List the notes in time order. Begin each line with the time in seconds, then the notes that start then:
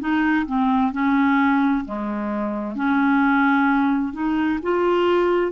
0.00 D#4
0.47 C4
0.92 C#4
1.85 G#3
2.76 C#4
4.13 D#4
4.63 F4